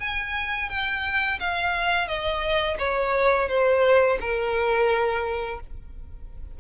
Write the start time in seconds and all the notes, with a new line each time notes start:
0.00 G#5
0.70 G5
1.40 F5
2.08 D#5
2.79 C#5
3.49 C5
4.21 A#4